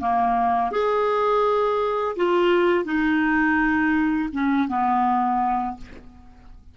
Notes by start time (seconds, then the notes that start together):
0.00 A#3
0.72 G#4
2.17 F4
2.85 D#4
4.33 C#4
4.69 B3